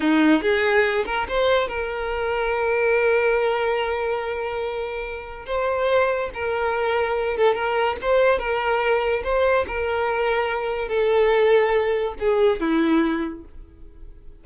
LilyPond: \new Staff \with { instrumentName = "violin" } { \time 4/4 \tempo 4 = 143 dis'4 gis'4. ais'8 c''4 | ais'1~ | ais'1~ | ais'4 c''2 ais'4~ |
ais'4. a'8 ais'4 c''4 | ais'2 c''4 ais'4~ | ais'2 a'2~ | a'4 gis'4 e'2 | }